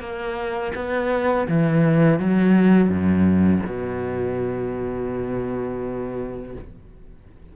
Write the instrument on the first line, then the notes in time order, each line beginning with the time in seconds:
cello
0.00 A#3
0.75 B3
1.47 E3
2.19 F#3
2.89 F#2
3.66 B2